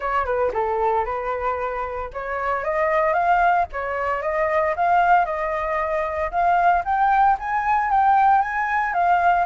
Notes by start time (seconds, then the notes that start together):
0.00 C#5
0.25 B4
0.53 A4
1.05 B4
2.13 C#5
2.63 D#5
3.13 F5
3.72 C#5
4.22 D#5
4.76 F5
5.25 D#5
6.31 F5
6.84 G5
7.39 G#5
7.91 G5
8.41 G#5
8.93 F5